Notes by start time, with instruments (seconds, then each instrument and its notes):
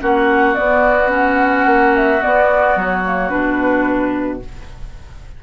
0.00 bassoon A#3, clarinet C#4, oboe F#4, flute F#5
0.55 clarinet B3, bassoon B3, flute D5
1.09 clarinet C#4, flute F#5
1.66 bassoon A#3
1.96 flute E5
2.22 clarinet B3, bassoon B3, flute D5
2.76 bassoon F#3, flute C#5
3.05 clarinet A#3
3.29 bassoon B2, clarinet D4, flute B4